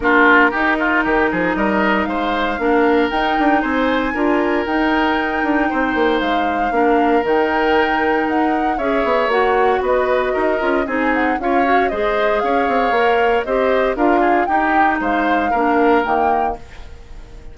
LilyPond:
<<
  \new Staff \with { instrumentName = "flute" } { \time 4/4 \tempo 4 = 116 ais'2. dis''4 | f''2 g''4 gis''4~ | gis''4 g''2. | f''2 g''2 |
fis''4 e''4 fis''4 dis''4~ | dis''4 gis''8 fis''8 f''4 dis''4 | f''2 dis''4 f''4 | g''4 f''2 g''4 | }
  \new Staff \with { instrumentName = "oboe" } { \time 4/4 f'4 g'8 f'8 g'8 gis'8 ais'4 | c''4 ais'2 c''4 | ais'2. c''4~ | c''4 ais'2.~ |
ais'4 cis''2 b'4 | ais'4 gis'4 cis''4 c''4 | cis''2 c''4 ais'8 gis'8 | g'4 c''4 ais'2 | }
  \new Staff \with { instrumentName = "clarinet" } { \time 4/4 d'4 dis'2.~ | dis'4 d'4 dis'2 | f'4 dis'2.~ | dis'4 d'4 dis'2~ |
dis'4 gis'4 fis'2~ | fis'8 f'8 dis'4 f'8 fis'8 gis'4~ | gis'4 ais'4 g'4 f'4 | dis'2 d'4 ais4 | }
  \new Staff \with { instrumentName = "bassoon" } { \time 4/4 ais4 dis'4 dis8 f8 g4 | gis4 ais4 dis'8 d'8 c'4 | d'4 dis'4. d'8 c'8 ais8 | gis4 ais4 dis2 |
dis'4 cis'8 b8 ais4 b4 | dis'8 cis'8 c'4 cis'4 gis4 | cis'8 c'8 ais4 c'4 d'4 | dis'4 gis4 ais4 dis4 | }
>>